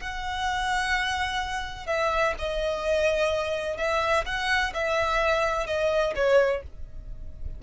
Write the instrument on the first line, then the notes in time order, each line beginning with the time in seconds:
violin
0.00 F#5
1.87 E5
2.39 D#5
3.77 E5
4.26 F#5
4.74 E5
5.67 D#5
6.15 C#5